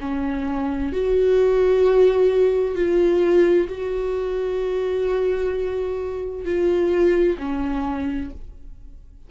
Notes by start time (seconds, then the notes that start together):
0.00 C#4
0.93 F#4
2.75 F4
3.68 F#4
6.44 F4
7.38 C#4